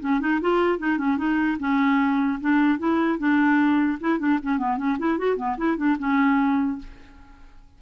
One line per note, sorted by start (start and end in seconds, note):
0.00 0.20 C#4
0.20 0.40 D#4
0.41 0.78 F4
0.78 0.98 D#4
0.98 1.17 C#4
1.17 1.57 D#4
1.59 2.39 C#4
2.41 2.78 D4
2.78 3.18 E4
3.18 3.98 D4
4.00 4.19 E4
4.19 4.39 D4
4.42 4.58 C#4
4.58 4.77 B3
4.77 4.97 C#4
4.99 5.18 E4
5.18 5.37 F#4
5.37 5.57 B3
5.57 5.77 E4
5.77 5.97 D4
5.99 6.79 C#4